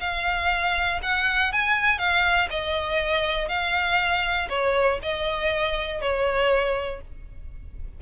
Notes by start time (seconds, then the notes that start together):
0.00 F5
1.02 F#5
1.52 G#5
1.98 F5
2.50 D#5
3.48 F5
4.49 C#5
5.02 D#5
6.01 C#5